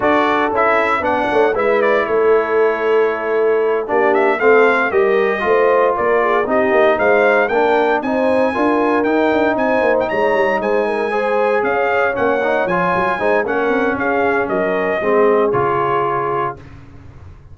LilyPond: <<
  \new Staff \with { instrumentName = "trumpet" } { \time 4/4 \tempo 4 = 116 d''4 e''4 fis''4 e''8 d''8 | cis''2.~ cis''8 d''8 | e''8 f''4 dis''2 d''8~ | d''8 dis''4 f''4 g''4 gis''8~ |
gis''4. g''4 gis''8. g''16 ais''8~ | ais''8 gis''2 f''4 fis''8~ | fis''8 gis''4. fis''4 f''4 | dis''2 cis''2 | }
  \new Staff \with { instrumentName = "horn" } { \time 4/4 a'2 d''8 cis''8 b'4 | a'2.~ a'8 g'8~ | g'8 a'4 ais'4 c''4 ais'8 | gis'8 g'4 c''4 ais'4 c''8~ |
c''8 ais'2 c''4 cis''8~ | cis''8 c''8 ais'8 c''4 cis''4.~ | cis''4. c''8 ais'4 gis'4 | ais'4 gis'2. | }
  \new Staff \with { instrumentName = "trombone" } { \time 4/4 fis'4 e'4 d'4 e'4~ | e'2.~ e'8 d'8~ | d'8 c'4 g'4 f'4.~ | f'8 dis'2 d'4 dis'8~ |
dis'8 f'4 dis'2~ dis'8~ | dis'4. gis'2 cis'8 | dis'8 f'4 dis'8 cis'2~ | cis'4 c'4 f'2 | }
  \new Staff \with { instrumentName = "tuba" } { \time 4/4 d'4 cis'4 b8 a8 gis4 | a2.~ a8 ais8~ | ais8 a4 g4 a4 ais8~ | ais8 c'8 ais8 gis4 ais4 c'8~ |
c'8 d'4 dis'8 d'8 c'8 ais8 gis8 | g8 gis2 cis'4 ais8~ | ais8 f8 fis8 gis8 ais8 c'8 cis'4 | fis4 gis4 cis2 | }
>>